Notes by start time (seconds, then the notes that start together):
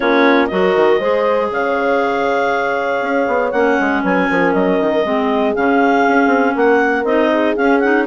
0.00 A#3 C#4 F4 C#5
0.46 F#3 F#4 A#4 D#5
0.75 D#3
0.99 G#3 G#4 C5
1.50 C#3 C#5 F5
3.01 C#4
3.27 B3
3.51 A#3 C#4 F#5
3.80 G#3
4.02 F#3 B4 G#5
4.30 F3 A#4
4.53 F#3 D#5
4.80 D#3
5.04 G#3 C4 G#4
5.55 C#3 C#4 F5
6.08 C#4
6.26 C4
6.55 A#3 A#4 F#5
7.04 C4 D#4 D#5
7.33 G#4
7.56 C#4 F5
7.79 D#4 F#5